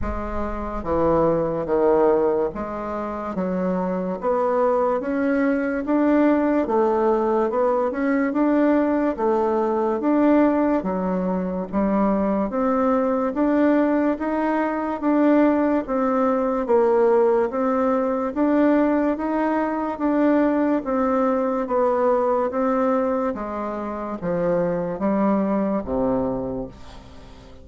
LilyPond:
\new Staff \with { instrumentName = "bassoon" } { \time 4/4 \tempo 4 = 72 gis4 e4 dis4 gis4 | fis4 b4 cis'4 d'4 | a4 b8 cis'8 d'4 a4 | d'4 fis4 g4 c'4 |
d'4 dis'4 d'4 c'4 | ais4 c'4 d'4 dis'4 | d'4 c'4 b4 c'4 | gis4 f4 g4 c4 | }